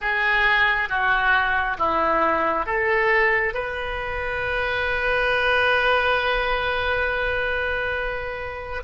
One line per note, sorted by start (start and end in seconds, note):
0.01 0.89 G#4
0.89 1.77 F#4
1.78 2.66 E4
2.66 3.53 A4
3.53 8.83 B4